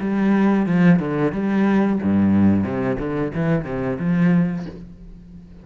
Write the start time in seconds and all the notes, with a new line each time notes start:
0.00 G3
0.66 F3
0.99 D3
1.32 G3
2.03 G2
2.64 C3
2.98 D3
3.34 E3
3.65 C3
3.99 F3